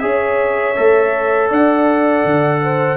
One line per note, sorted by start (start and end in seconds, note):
0.00 0.77 C#4
0.00 0.76 G#4
0.00 1.50 C#5
0.00 1.48 E5
0.76 1.51 A3
0.76 2.98 A4
1.50 2.25 D4
1.50 2.61 D5
1.50 2.98 F#5
2.25 2.98 D3
2.63 2.98 C5